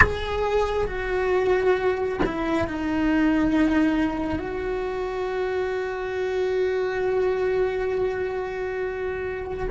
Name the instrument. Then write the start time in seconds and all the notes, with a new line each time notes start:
cello
0.00 G#4
0.86 F#4
2.25 E4
2.67 D#4
4.38 F#4